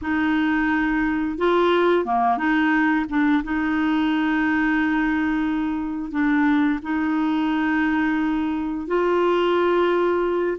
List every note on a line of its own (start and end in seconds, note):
0.01 1.38 D#4
1.38 2.05 F4
2.05 2.37 A#3
2.37 3.05 D#4
3.09 3.43 D4
3.43 6.11 D#4
6.11 6.79 D4
6.82 8.87 D#4
8.87 10.57 F4